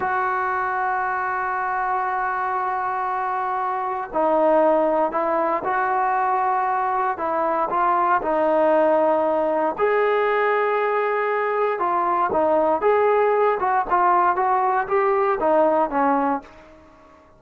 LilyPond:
\new Staff \with { instrumentName = "trombone" } { \time 4/4 \tempo 4 = 117 fis'1~ | fis'1 | dis'2 e'4 fis'4~ | fis'2 e'4 f'4 |
dis'2. gis'4~ | gis'2. f'4 | dis'4 gis'4. fis'8 f'4 | fis'4 g'4 dis'4 cis'4 | }